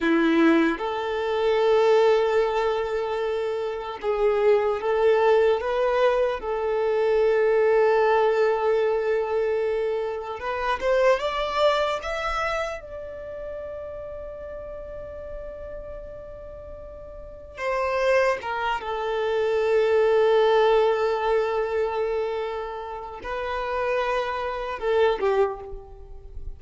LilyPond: \new Staff \with { instrumentName = "violin" } { \time 4/4 \tempo 4 = 75 e'4 a'2.~ | a'4 gis'4 a'4 b'4 | a'1~ | a'4 b'8 c''8 d''4 e''4 |
d''1~ | d''2 c''4 ais'8 a'8~ | a'1~ | a'4 b'2 a'8 g'8 | }